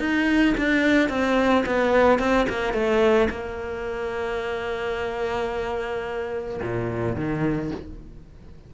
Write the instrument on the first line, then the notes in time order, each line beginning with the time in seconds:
cello
0.00 D#4
0.58 D4
1.10 C4
1.66 B3
2.19 C4
2.49 A#3
2.74 A3
3.31 A#3
6.63 A#2
7.16 D#3